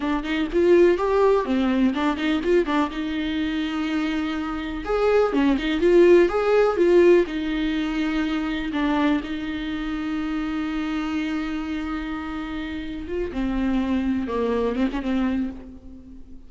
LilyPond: \new Staff \with { instrumentName = "viola" } { \time 4/4 \tempo 4 = 124 d'8 dis'8 f'4 g'4 c'4 | d'8 dis'8 f'8 d'8 dis'2~ | dis'2 gis'4 cis'8 dis'8 | f'4 gis'4 f'4 dis'4~ |
dis'2 d'4 dis'4~ | dis'1~ | dis'2. f'8 c'8~ | c'4. ais4 c'16 cis'16 c'4 | }